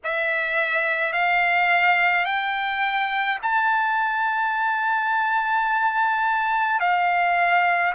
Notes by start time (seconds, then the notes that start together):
0.04 E5
1.12 F5
2.25 G5
3.42 A5
6.79 F5